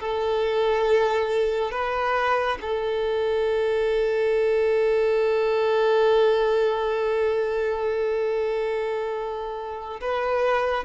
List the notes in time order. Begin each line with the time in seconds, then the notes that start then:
0.00 A4
1.72 B4
2.62 A4
10.01 B4